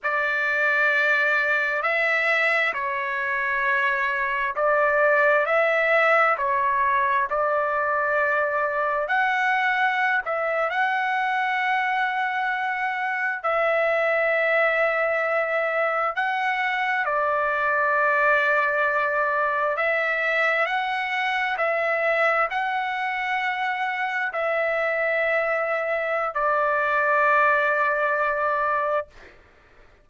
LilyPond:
\new Staff \with { instrumentName = "trumpet" } { \time 4/4 \tempo 4 = 66 d''2 e''4 cis''4~ | cis''4 d''4 e''4 cis''4 | d''2 fis''4~ fis''16 e''8 fis''16~ | fis''2~ fis''8. e''4~ e''16~ |
e''4.~ e''16 fis''4 d''4~ d''16~ | d''4.~ d''16 e''4 fis''4 e''16~ | e''8. fis''2 e''4~ e''16~ | e''4 d''2. | }